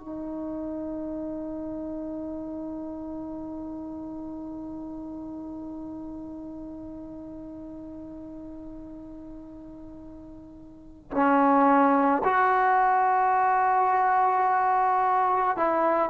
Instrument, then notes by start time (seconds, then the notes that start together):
trombone
0.00 D#4
11.12 C#4
12.24 F#4
15.57 E4